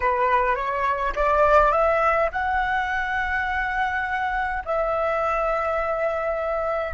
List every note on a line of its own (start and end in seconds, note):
0.00 0.55 B4
0.55 1.13 C#5
1.15 1.72 D5
1.72 2.29 E5
2.32 4.63 F#5
4.65 6.94 E5